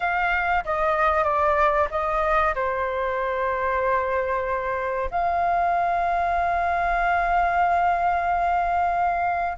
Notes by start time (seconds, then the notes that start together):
0.00 F5
0.64 D#5
1.24 D5
1.90 D#5
2.54 C5
5.11 F5